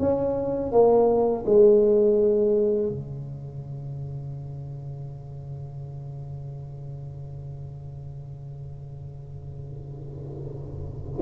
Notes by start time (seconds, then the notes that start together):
0.00 C#4
0.73 A#3
1.46 G#3
2.89 C#3